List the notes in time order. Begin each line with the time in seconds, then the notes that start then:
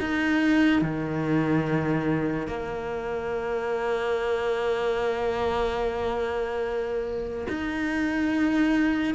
0.00 D#4
0.82 D#3
2.47 A#3
7.48 D#4